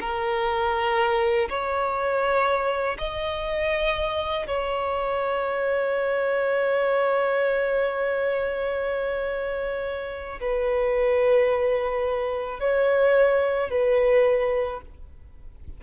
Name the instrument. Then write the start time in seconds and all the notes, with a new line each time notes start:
violin
0.00 A#4
1.49 C#5
2.98 D#5
4.47 C#5
10.40 B4
12.60 C#5
13.70 B4